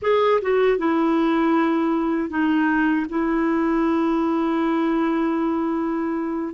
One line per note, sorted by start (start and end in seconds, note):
0.02 0.40 G#4
0.41 0.78 F#4
0.78 2.29 E4
2.29 3.06 D#4
3.09 6.54 E4